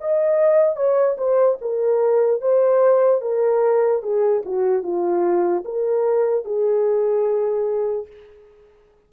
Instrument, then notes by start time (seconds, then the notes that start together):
horn
0.00 D#5
0.76 C#5
1.18 C5
1.61 A#4
2.41 C5
3.21 A#4
4.02 G#4
4.45 F#4
4.82 F4
5.65 A#4
6.45 G#4